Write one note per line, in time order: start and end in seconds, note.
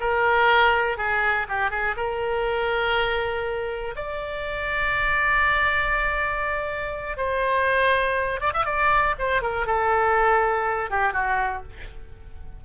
0.00 0.97 A#4
0.97 1.47 G#4
1.49 1.71 G4
1.71 1.95 G#4
1.97 3.95 A#4
3.96 7.17 D5
7.17 8.40 C5
8.40 8.53 D5
8.54 8.66 E5
8.66 9.15 D5
9.18 9.42 C5
9.42 9.66 A#4
9.66 10.90 A4
10.90 11.13 G4
11.13 11.63 F#4